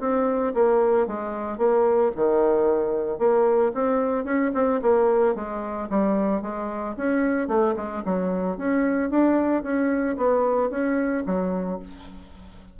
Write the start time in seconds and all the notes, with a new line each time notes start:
0.00 C4
0.54 A#3
1.07 G#3
1.58 A#3
2.16 D#3
3.18 A#3
3.74 C4
4.25 C#4
4.54 C4
4.82 A#3
5.35 G#3
5.90 G3
6.42 G#3
6.97 C#4
7.48 A3
7.76 G#3
8.05 F#3
8.57 C#4
9.10 D4
9.63 C#4
10.17 B3
10.70 C#4
11.26 F#3